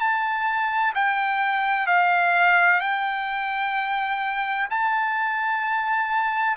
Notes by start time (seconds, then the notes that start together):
0.00 A5
0.95 G5
1.87 F5
2.81 G5
4.70 A5